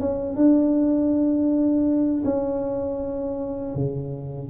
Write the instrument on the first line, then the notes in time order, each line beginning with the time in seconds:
tuba
0.00 C#4
0.36 D4
2.25 C#4
3.75 C#3